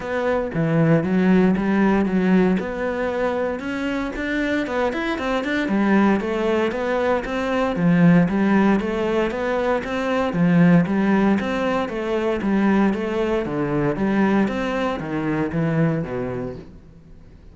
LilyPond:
\new Staff \with { instrumentName = "cello" } { \time 4/4 \tempo 4 = 116 b4 e4 fis4 g4 | fis4 b2 cis'4 | d'4 b8 e'8 c'8 d'8 g4 | a4 b4 c'4 f4 |
g4 a4 b4 c'4 | f4 g4 c'4 a4 | g4 a4 d4 g4 | c'4 dis4 e4 b,4 | }